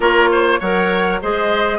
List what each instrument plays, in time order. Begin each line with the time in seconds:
0.00 bassoon A#3, clarinet F4, oboe A#4, flute C#5
0.31 oboe C5
0.59 bassoon F#3, clarinet A#4, oboe C#5, flute F#5
1.22 bassoon G#3, clarinet G#4, oboe C5, flute D#5